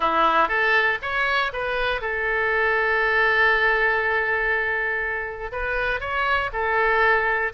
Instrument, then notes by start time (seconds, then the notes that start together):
oboe
0.00 E4
0.48 A4
1.02 C#5
1.52 B4
2.01 A4
5.52 B4
6.00 C#5
6.52 A4